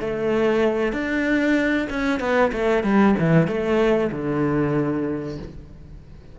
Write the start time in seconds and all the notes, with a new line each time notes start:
0.00 A3
0.92 D4
1.90 C#4
2.20 B3
2.52 A3
2.83 G3
3.19 E3
3.47 A3
4.12 D3